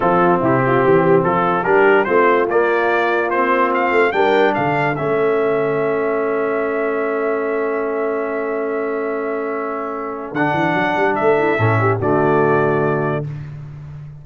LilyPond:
<<
  \new Staff \with { instrumentName = "trumpet" } { \time 4/4 \tempo 4 = 145 a'4 g'2 a'4 | ais'4 c''4 d''2 | c''4 f''4 g''4 f''4 | e''1~ |
e''1~ | e''1~ | e''4 fis''2 e''4~ | e''4 d''2. | }
  \new Staff \with { instrumentName = "horn" } { \time 4/4 f'4 e'8 f'8 g'4 f'4 | g'4 f'2.~ | f'2 ais'4 a'4~ | a'1~ |
a'1~ | a'1~ | a'2.~ a'8 e'8 | a'8 g'8 fis'2. | }
  \new Staff \with { instrumentName = "trombone" } { \time 4/4 c'1 | d'4 c'4 ais2 | c'2 d'2 | cis'1~ |
cis'1~ | cis'1~ | cis'4 d'2. | cis'4 a2. | }
  \new Staff \with { instrumentName = "tuba" } { \time 4/4 f4 c4 e4 f4 | g4 a4 ais2~ | ais4. a8 g4 d4 | a1~ |
a1~ | a1~ | a4 d8 e8 fis8 g8 a4 | a,4 d2. | }
>>